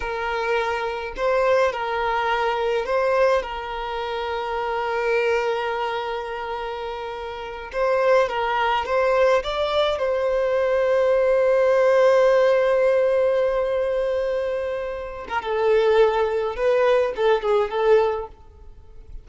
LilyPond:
\new Staff \with { instrumentName = "violin" } { \time 4/4 \tempo 4 = 105 ais'2 c''4 ais'4~ | ais'4 c''4 ais'2~ | ais'1~ | ais'4. c''4 ais'4 c''8~ |
c''8 d''4 c''2~ c''8~ | c''1~ | c''2~ c''8. ais'16 a'4~ | a'4 b'4 a'8 gis'8 a'4 | }